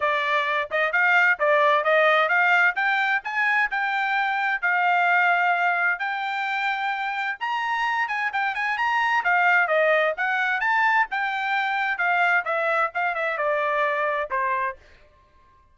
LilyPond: \new Staff \with { instrumentName = "trumpet" } { \time 4/4 \tempo 4 = 130 d''4. dis''8 f''4 d''4 | dis''4 f''4 g''4 gis''4 | g''2 f''2~ | f''4 g''2. |
ais''4. gis''8 g''8 gis''8 ais''4 | f''4 dis''4 fis''4 a''4 | g''2 f''4 e''4 | f''8 e''8 d''2 c''4 | }